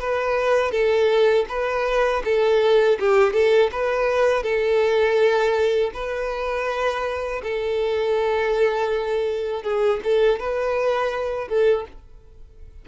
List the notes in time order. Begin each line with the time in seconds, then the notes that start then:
0.00 B4
0.72 A4
1.49 B4
2.25 A4
3.00 G4
3.34 A4
3.72 B4
4.43 A4
5.94 B4
7.44 A4
9.64 G#4
10.04 A4
10.40 B4
11.49 A4